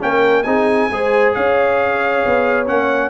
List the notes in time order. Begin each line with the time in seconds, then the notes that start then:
0.00 A#3 C#4 A#4 G5
0.43 C4 D#4 G#4 G#5
0.91 G#3 G#4 C5
1.34 C#4 C#5 F5
2.26 B3
2.67 A#3 C#4 F#5